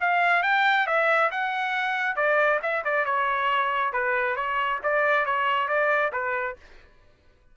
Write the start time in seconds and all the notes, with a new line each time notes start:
0.00 F5
0.43 G5
0.87 E5
1.31 F#5
2.16 D5
2.62 E5
2.84 D5
3.05 C#5
3.93 B4
4.36 C#5
4.83 D5
5.25 C#5
5.68 D5
6.12 B4